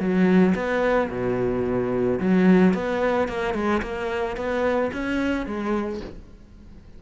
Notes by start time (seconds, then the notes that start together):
0.00 F#3
0.55 B3
1.11 B2
2.20 F#3
2.74 B3
3.29 A#3
3.55 G#3
3.83 A#3
4.37 B3
4.93 C#4
5.47 G#3